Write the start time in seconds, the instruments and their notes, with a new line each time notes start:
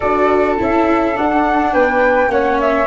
0.00 tuba D4, viola F#4, flute A4 D5
0.58 tuba C#4, viola E4, flute E5
1.15 viola D4, tuba D4, flute F#5
1.72 tuba B3, flute B4 G5
2.28 tuba A#3, viola C#4, flute C#5 F#5
2.60 flute E5